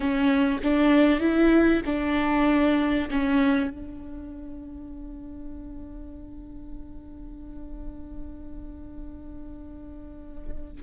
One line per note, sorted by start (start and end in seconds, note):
0.00 0.59 C#4
0.63 1.19 D4
1.19 1.81 E4
1.85 3.09 D4
3.10 3.69 C#4
3.69 10.81 D4